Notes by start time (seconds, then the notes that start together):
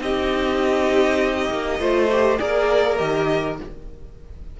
0.00 C4 D#4 G4 D#5
1.49 A#3
1.79 A3 F4 C5
2.11 G4
2.38 A#3 G#4 A#4 D5
2.97 D#3 G4 D#5